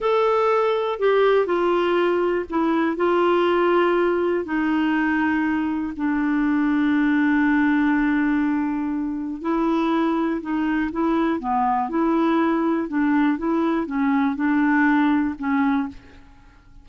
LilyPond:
\new Staff \with { instrumentName = "clarinet" } { \time 4/4 \tempo 4 = 121 a'2 g'4 f'4~ | f'4 e'4 f'2~ | f'4 dis'2. | d'1~ |
d'2. e'4~ | e'4 dis'4 e'4 b4 | e'2 d'4 e'4 | cis'4 d'2 cis'4 | }